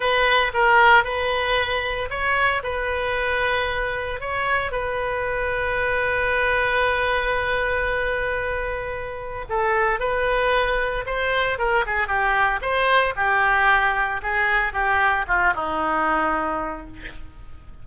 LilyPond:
\new Staff \with { instrumentName = "oboe" } { \time 4/4 \tempo 4 = 114 b'4 ais'4 b'2 | cis''4 b'2. | cis''4 b'2.~ | b'1~ |
b'2 a'4 b'4~ | b'4 c''4 ais'8 gis'8 g'4 | c''4 g'2 gis'4 | g'4 f'8 dis'2~ dis'8 | }